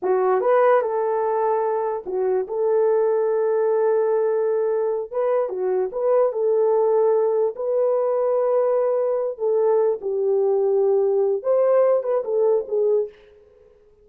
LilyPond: \new Staff \with { instrumentName = "horn" } { \time 4/4 \tempo 4 = 147 fis'4 b'4 a'2~ | a'4 fis'4 a'2~ | a'1~ | a'8 b'4 fis'4 b'4 a'8~ |
a'2~ a'8 b'4.~ | b'2. a'4~ | a'8 g'2.~ g'8 | c''4. b'8 a'4 gis'4 | }